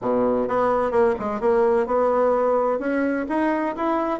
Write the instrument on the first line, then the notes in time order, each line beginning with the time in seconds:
bassoon
0.01 B2
0.48 B3
0.91 A#3
1.19 G#3
1.40 A#3
1.86 B3
2.79 C#4
3.28 D#4
3.76 E4